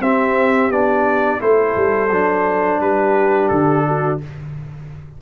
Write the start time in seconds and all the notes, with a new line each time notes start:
0.00 C4 G4 E5
0.70 B3 D4 D5
1.39 A3 E4 A4 C5
1.76 G3
2.11 F#3 D4
2.80 G3 G4 B4
3.48 D3 A4
3.86 F#4